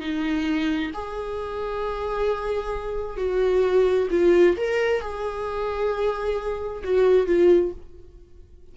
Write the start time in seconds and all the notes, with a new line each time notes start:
0.00 D#4
0.94 G#4
3.17 F#4
4.11 F4
4.57 A#4
5.01 G#4
6.84 F#4
7.26 F4